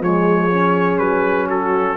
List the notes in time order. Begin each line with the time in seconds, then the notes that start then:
0.00 F3 G#3 G#4 C#5
0.51 C#4
0.98 F#3 B4
1.48 F#4 A4